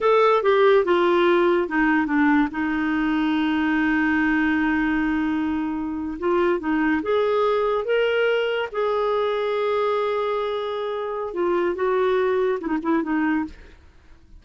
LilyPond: \new Staff \with { instrumentName = "clarinet" } { \time 4/4 \tempo 4 = 143 a'4 g'4 f'2 | dis'4 d'4 dis'2~ | dis'1~ | dis'2~ dis'8. f'4 dis'16~ |
dis'8. gis'2 ais'4~ ais'16~ | ais'8. gis'2.~ gis'16~ | gis'2. f'4 | fis'2 e'16 dis'16 e'8 dis'4 | }